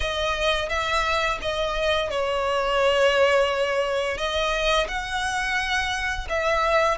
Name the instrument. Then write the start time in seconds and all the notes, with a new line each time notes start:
violin
0.00 D#5
0.68 E5
1.41 D#5
2.10 C#5
4.17 D#5
4.88 F#5
6.29 E5